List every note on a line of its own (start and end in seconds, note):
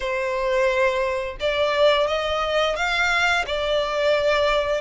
0.00 1.36 C5
1.39 2.07 D5
2.07 2.76 D#5
2.76 3.45 F5
3.46 4.81 D5